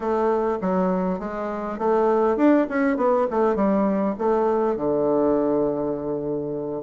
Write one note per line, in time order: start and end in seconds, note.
0.00 0.58 A3
0.61 1.19 F#3
1.19 1.78 G#3
1.78 2.37 A3
2.37 2.66 D4
2.69 2.96 C#4
2.96 3.26 B3
3.30 3.55 A3
3.55 4.14 G3
4.18 4.76 A3
4.76 6.83 D3